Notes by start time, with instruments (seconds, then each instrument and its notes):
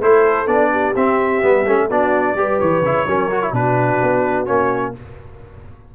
0.00 tuba A3, trombone E4, horn A4, trumpet C5
0.46 tuba B3, trombone D4, trumpet D5
0.71 horn G4
0.95 tuba C4, trombone C4, trumpet E5
1.42 tuba G3, trombone B3
1.66 tuba A3, trombone C#4
1.88 tuba B3, trombone D4, horn F#4, trumpet D5
2.34 tuba G3, trombone G4, horn B4
2.60 tuba E3, trumpet C#5
2.81 tuba C#3, trombone E4
3.07 tuba F#3, trombone C#4, horn A#4
3.31 trombone F#4
3.42 trombone E4
3.52 tuba B2, trombone D4, horn F#4, trumpet B4
4.02 tuba B3
4.45 tuba A#3, trombone C#4, trumpet C#5